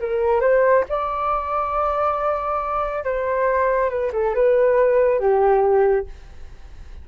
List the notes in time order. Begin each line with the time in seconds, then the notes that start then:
0.00 A#4
0.41 C5
0.89 D5
3.04 C5
3.90 B4
4.13 A4
4.34 B4
5.19 G4